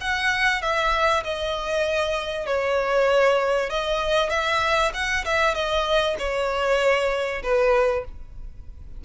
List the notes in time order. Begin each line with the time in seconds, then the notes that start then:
0.00 F#5
0.61 E5
1.23 D#5
2.46 C#5
3.69 D#5
4.30 E5
4.93 F#5
5.24 E5
5.54 D#5
6.18 C#5
7.43 B4